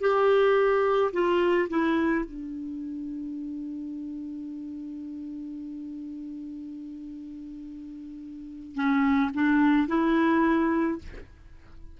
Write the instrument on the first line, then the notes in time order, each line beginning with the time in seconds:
clarinet
0.00 G4
1.12 F4
1.69 E4
2.24 D4
8.74 C#4
9.34 D4
9.87 E4